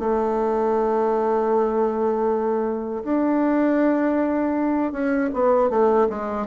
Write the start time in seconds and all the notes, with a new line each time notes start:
0.00 A3
3.04 D4
4.93 C#4
5.34 B3
5.70 A3
6.10 G#3